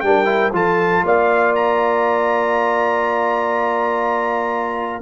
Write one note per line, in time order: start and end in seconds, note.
0.00 0.52 G3
0.00 0.25 D4
0.00 0.54 A#4
0.00 0.50 G5
0.25 0.50 E4
0.52 1.02 F3
0.52 5.01 F4
0.52 1.04 A4
0.52 1.05 A5
1.04 5.01 A#3
1.04 5.01 D5
1.04 1.55 F5
1.55 5.01 A#5